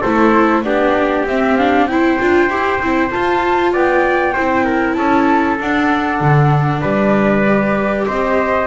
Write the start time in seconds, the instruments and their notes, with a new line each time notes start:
0.00 double bass A3, viola E4, trumpet A4, flute C5
0.64 double bass B3, viola D4, trumpet G4, flute D5
1.26 double bass C4, viola C4, flute E5
1.57 viola D4, flute F5
1.86 viola E4, trumpet C5, flute G5
2.19 double bass D4, viola F4
2.49 double bass E4, viola G4
2.81 double bass C4, viola E4
3.10 viola F4, double bass F4, flute A5
3.73 double bass B3, trumpet D5, flute G5
4.34 double bass C4, viola E4, trumpet C5
4.65 trumpet A#4
4.94 double bass C#4, trumpet A4, flute A5
5.59 viola D4, double bass D4, flute F#5
6.21 double bass D3
6.81 double bass G3, trumpet B4, flute D5
7.47 viola G4
8.07 double bass C4, trumpet C5, flute D#5